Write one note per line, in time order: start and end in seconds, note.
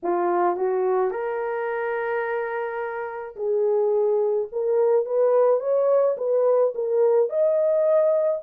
0.03 0.56 F4
0.56 1.10 F#4
1.10 3.35 A#4
3.36 4.48 G#4
4.51 5.05 A#4
5.05 5.60 B4
5.60 6.16 C#5
6.17 6.73 B4
6.74 7.29 A#4
7.29 8.41 D#5